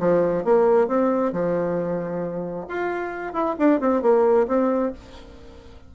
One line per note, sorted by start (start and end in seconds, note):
0.00 0.45 F3
0.45 0.88 A#3
0.88 1.33 C4
1.33 2.67 F3
2.69 3.34 F4
3.34 3.56 E4
3.59 3.81 D4
3.81 4.02 C4
4.02 4.47 A#3
4.48 4.93 C4